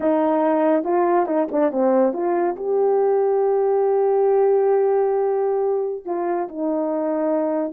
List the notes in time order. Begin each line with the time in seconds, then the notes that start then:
0.00 D#4
0.83 F4
1.26 D#4
1.51 D4
1.71 C4
2.13 F4
2.56 G4
6.05 F4
6.48 D#4